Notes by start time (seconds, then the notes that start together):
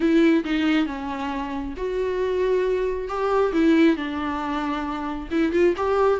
0.00 E4
0.44 D#4
0.86 C#4
1.76 F#4
3.08 G4
3.52 E4
3.96 D4
5.30 E4
5.52 F4
5.76 G4